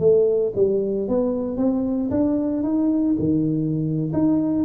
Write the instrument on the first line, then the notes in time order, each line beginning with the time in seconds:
tuba
0.00 A3
0.56 G3
1.09 B3
1.58 C4
2.11 D4
2.64 D#4
3.19 D#3
4.13 D#4